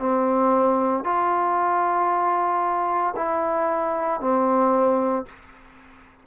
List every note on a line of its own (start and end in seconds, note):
0.00 1.04 C4
1.04 3.15 F4
3.16 4.21 E4
4.21 5.26 C4